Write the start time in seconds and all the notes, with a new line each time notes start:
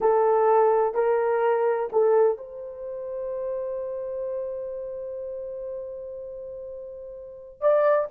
0.00 A4
0.94 A#4
1.92 A4
2.37 C5
7.61 D5